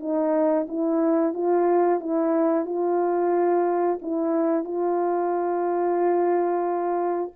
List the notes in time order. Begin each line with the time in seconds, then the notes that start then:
0.00 D#4
0.68 E4
1.34 F4
2.00 E4
2.65 F4
4.02 E4
4.64 F4